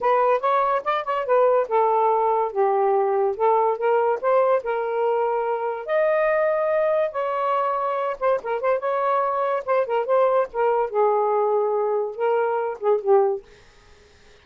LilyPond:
\new Staff \with { instrumentName = "saxophone" } { \time 4/4 \tempo 4 = 143 b'4 cis''4 d''8 cis''8 b'4 | a'2 g'2 | a'4 ais'4 c''4 ais'4~ | ais'2 dis''2~ |
dis''4 cis''2~ cis''8 c''8 | ais'8 c''8 cis''2 c''8 ais'8 | c''4 ais'4 gis'2~ | gis'4 ais'4. gis'8 g'4 | }